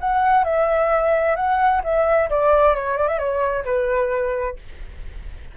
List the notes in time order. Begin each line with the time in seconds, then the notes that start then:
0.00 F#5
0.44 E5
1.36 F#5
1.83 E5
2.29 D5
2.75 C#5
2.97 D5
3.08 E5
3.18 C#5
3.64 B4